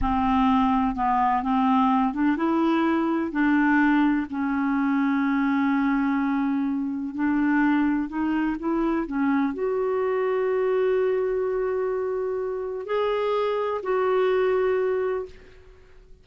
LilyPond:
\new Staff \with { instrumentName = "clarinet" } { \time 4/4 \tempo 4 = 126 c'2 b4 c'4~ | c'8 d'8 e'2 d'4~ | d'4 cis'2.~ | cis'2. d'4~ |
d'4 dis'4 e'4 cis'4 | fis'1~ | fis'2. gis'4~ | gis'4 fis'2. | }